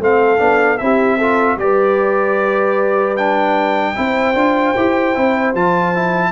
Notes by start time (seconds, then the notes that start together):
0.00 A3 C4 A4 F5
0.38 B3 D4
0.78 C4 E4 G4 E5
1.17 F4 A4
1.57 G3 G4 B4 D5
3.17 D4 G5
3.95 C4 E4 C5
4.34 D4 F4
4.77 E4 G4
5.15 C4 E4
5.54 F3 F4 A5
5.94 E4